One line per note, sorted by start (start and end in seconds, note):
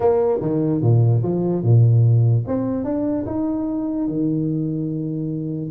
0.00 0.39 A#3
0.41 0.81 D#3
0.81 1.22 A#2
1.22 1.63 F3
1.63 2.45 A#2
2.47 2.84 C4
2.84 3.25 D4
3.26 4.07 D#4
4.08 5.70 D#3